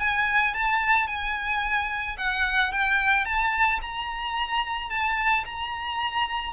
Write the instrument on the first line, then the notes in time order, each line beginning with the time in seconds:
violin
0.00 G#5
0.54 A5
1.08 G#5
2.18 F#5
2.72 G5
3.26 A5
3.82 A#5
4.90 A5
5.46 A#5